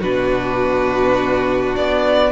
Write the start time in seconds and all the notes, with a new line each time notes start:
0.00 B2 D4 F#4 B4
1.76 B3 D5